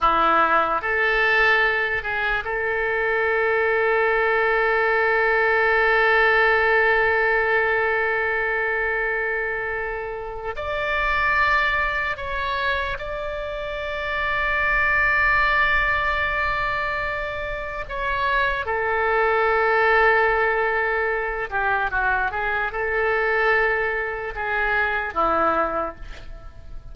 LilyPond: \new Staff \with { instrumentName = "oboe" } { \time 4/4 \tempo 4 = 74 e'4 a'4. gis'8 a'4~ | a'1~ | a'1~ | a'4 d''2 cis''4 |
d''1~ | d''2 cis''4 a'4~ | a'2~ a'8 g'8 fis'8 gis'8 | a'2 gis'4 e'4 | }